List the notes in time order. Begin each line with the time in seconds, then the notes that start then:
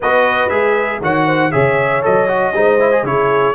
0.00 B3 F#4 B4 D#5
0.49 G#3 G#4 E5
1.01 D#3 F#4 C#5 F#5
1.26 C5
1.51 C#3 G#4 C#5 E5
2.02 F#3 A4 D#5
2.27 F#4
2.53 G#3 D#4 C5
2.79 E4
2.91 G#4
3.03 C#3 E4 G#4 C#5